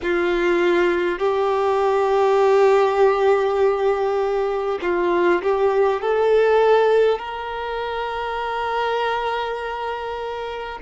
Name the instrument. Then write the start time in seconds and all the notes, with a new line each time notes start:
violin
0.02 F4
1.18 G4
4.82 F4
5.42 G4
6.01 A4
7.18 A#4